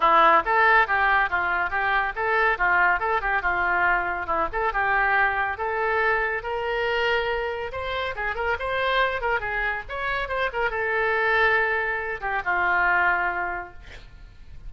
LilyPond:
\new Staff \with { instrumentName = "oboe" } { \time 4/4 \tempo 4 = 140 e'4 a'4 g'4 f'4 | g'4 a'4 f'4 a'8 g'8 | f'2 e'8 a'8 g'4~ | g'4 a'2 ais'4~ |
ais'2 c''4 gis'8 ais'8 | c''4. ais'8 gis'4 cis''4 | c''8 ais'8 a'2.~ | a'8 g'8 f'2. | }